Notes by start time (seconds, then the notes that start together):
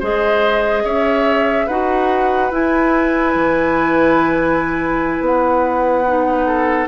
0.00 G#3 G#4 C5 D#5
0.84 C#4 C#5 E5
1.66 D#4 F#4 B4 F#5
2.52 E4 G#5
3.35 E3
5.21 B3 F#5
6.07 D#4
6.47 A4